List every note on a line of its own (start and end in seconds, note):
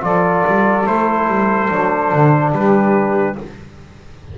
0.00 0.45 F3
0.00 0.83 F4
0.00 2.53 A4
0.00 0.87 D5
0.47 0.87 G3
0.86 1.27 A3
0.86 1.69 E4
0.86 2.53 C5
1.27 1.69 G3
1.69 2.13 F#3
1.69 3.36 D4
2.13 2.53 D3
2.53 3.36 G3
2.53 3.38 G4
2.53 3.37 B4